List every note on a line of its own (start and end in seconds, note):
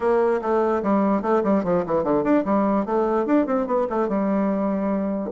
0.00 0.40 A#3
0.41 0.82 A3
0.83 1.21 G3
1.21 1.42 A3
1.43 1.64 G3
1.64 1.84 F3
1.86 2.03 E3
2.03 2.23 D3
2.23 2.43 D4
2.44 2.85 G3
2.85 3.26 A3
3.26 3.46 D4
3.46 3.66 C4
3.66 3.87 B3
3.89 4.08 A3
4.08 5.30 G3